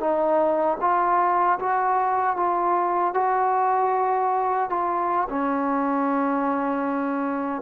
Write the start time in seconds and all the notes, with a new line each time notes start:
0.00 D#4
0.81 F4
1.59 F#4
2.37 F4
3.14 F#4
4.70 F4
5.30 C#4